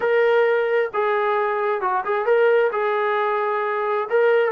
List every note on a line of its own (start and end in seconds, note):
0.00 0.91 A#4
0.93 1.81 G#4
1.81 2.04 F#4
2.04 2.25 G#4
2.25 2.70 A#4
2.72 4.08 G#4
4.09 4.51 A#4